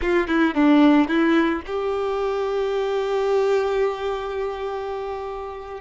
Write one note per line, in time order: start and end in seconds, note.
0.01 0.27 F4
0.27 0.54 E4
0.54 1.07 D4
1.07 1.61 E4
1.66 5.81 G4